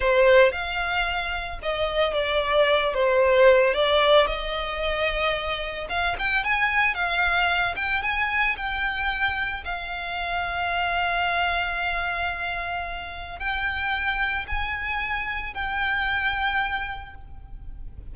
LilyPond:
\new Staff \with { instrumentName = "violin" } { \time 4/4 \tempo 4 = 112 c''4 f''2 dis''4 | d''4. c''4. d''4 | dis''2. f''8 g''8 | gis''4 f''4. g''8 gis''4 |
g''2 f''2~ | f''1~ | f''4 g''2 gis''4~ | gis''4 g''2. | }